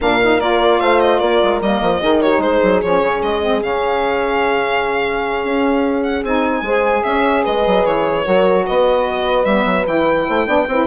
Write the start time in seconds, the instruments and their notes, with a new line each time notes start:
0.00 bassoon A#2, saxophone D4, horn A#4, violin F5
0.22 saxophone D#4
0.40 bassoon A#3, saxophone F4, violin D5
0.80 bassoon A3, horn C5, violin F5
1.00 violin D#5
1.19 bassoon A#3, horn A#4, violin D5
1.43 bassoon G#3
1.61 bassoon G3, saxophone A#3, violin D#5
1.81 bassoon F3
2.01 bassoon D#3, saxophone D#4, horn G#4
2.21 horn G4, violin C#5
2.38 bassoon G#3, horn G#4, violin C5
2.63 bassoon F#3
2.81 bassoon F3, saxophone C#4, violin C#5
3.01 bassoon C#3
3.22 bassoon G#3, violin D#5
3.42 saxophone C4
3.60 bassoon C#3, saxophone C#4, violin F5
5.44 bassoon C#4
6.03 violin F#5
6.23 bassoon C4, saxophone D#4, violin G#5
6.61 bassoon G#3, saxophone G#4, horn C5
7.03 bassoon C#4, horn C#5, violin E5
7.43 bassoon G#3, horn B4, violin D#5
7.66 bassoon F#3
7.85 bassoon E3, violin C#5
8.23 bassoon F#3, saxophone F#4, horn A#4
8.66 bassoon B3, horn B4, violin D#5
9.45 bassoon G3, saxophone B3, violin E5
9.65 bassoon F#3
9.86 bassoon E3, saxophone E4, violin G5
10.27 bassoon A3, horn C5
10.46 bassoon B3, saxophone D4, horn D5
10.67 bassoon C4, saxophone E4, horn B4